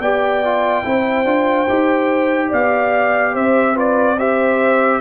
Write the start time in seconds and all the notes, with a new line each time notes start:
0.00 B3 G4 D5 G5
0.45 F4
0.85 C4 E4 C5
1.25 D4 F4
1.69 D#4 G4
2.50 B3 D5 F5
3.34 C4 C5 E5
3.75 F4 B4 D5
4.18 G4 C5 E5